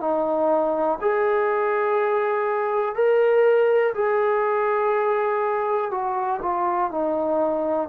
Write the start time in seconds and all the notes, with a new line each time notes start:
0.00 D#4
1.01 G#4
2.95 A#4
3.94 G#4
5.91 F#4
6.42 F4
6.91 D#4